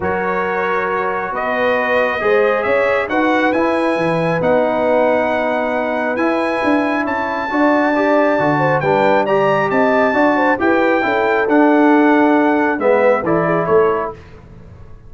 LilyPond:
<<
  \new Staff \with { instrumentName = "trumpet" } { \time 4/4 \tempo 4 = 136 cis''2. dis''4~ | dis''2 e''4 fis''4 | gis''2 fis''2~ | fis''2 gis''2 |
a''1 | g''4 ais''4 a''2 | g''2 fis''2~ | fis''4 e''4 d''4 cis''4 | }
  \new Staff \with { instrumentName = "horn" } { \time 4/4 ais'2. b'4~ | b'4 c''4 cis''4 b'4~ | b'1~ | b'1 |
cis''4 d''2~ d''8 c''8 | b'4 d''4 dis''4 d''8 c''8 | b'4 a'2.~ | a'4 b'4 a'8 gis'8 a'4 | }
  \new Staff \with { instrumentName = "trombone" } { \time 4/4 fis'1~ | fis'4 gis'2 fis'4 | e'2 dis'2~ | dis'2 e'2~ |
e'4 fis'4 g'4 fis'4 | d'4 g'2 fis'4 | g'4 e'4 d'2~ | d'4 b4 e'2 | }
  \new Staff \with { instrumentName = "tuba" } { \time 4/4 fis2. b4~ | b4 gis4 cis'4 dis'4 | e'4 e4 b2~ | b2 e'4 d'4 |
cis'4 d'2 d4 | g2 c'4 d'4 | e'4 cis'4 d'2~ | d'4 gis4 e4 a4 | }
>>